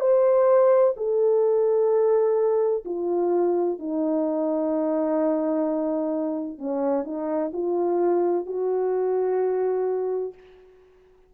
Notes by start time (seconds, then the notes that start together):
0.00 C5
0.97 A4
2.85 F4
3.79 D#4
6.58 C#4
7.04 D#4
7.53 F4
8.46 F#4